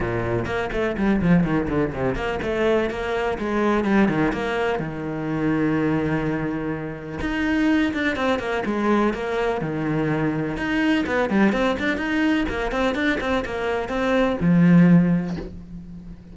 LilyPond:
\new Staff \with { instrumentName = "cello" } { \time 4/4 \tempo 4 = 125 ais,4 ais8 a8 g8 f8 dis8 d8 | c8 ais8 a4 ais4 gis4 | g8 dis8 ais4 dis2~ | dis2. dis'4~ |
dis'8 d'8 c'8 ais8 gis4 ais4 | dis2 dis'4 b8 g8 | c'8 d'8 dis'4 ais8 c'8 d'8 c'8 | ais4 c'4 f2 | }